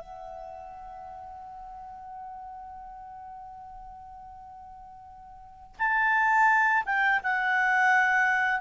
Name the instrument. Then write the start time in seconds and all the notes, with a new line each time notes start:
clarinet
0.00 F#5
5.79 A5
6.86 G5
7.23 F#5